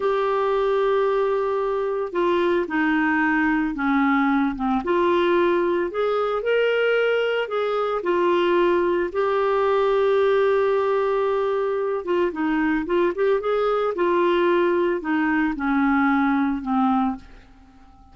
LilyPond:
\new Staff \with { instrumentName = "clarinet" } { \time 4/4 \tempo 4 = 112 g'1 | f'4 dis'2 cis'4~ | cis'8 c'8 f'2 gis'4 | ais'2 gis'4 f'4~ |
f'4 g'2.~ | g'2~ g'8 f'8 dis'4 | f'8 g'8 gis'4 f'2 | dis'4 cis'2 c'4 | }